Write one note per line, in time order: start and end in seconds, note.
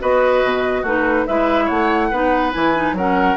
0.00 0.43 B3
0.00 0.85 F#4
0.00 0.82 B4
0.00 0.86 D#5
0.43 0.84 B2
0.82 1.26 A3
0.82 1.29 D#4
0.82 1.24 F#4
0.82 1.27 B4
1.27 1.70 G#3
1.27 2.13 E4
1.27 1.65 B4
1.27 1.68 E5
1.65 2.12 A3
1.65 2.08 C#5
1.65 2.53 F#5
2.11 2.54 B3
2.11 2.53 D#4
2.11 2.96 B4
2.53 2.93 E3
2.53 2.74 E4
2.53 2.96 G#5
2.75 2.96 D#4
2.93 3.35 F#3
2.93 3.37 C#4
2.93 3.37 A#4
2.93 3.37 F#5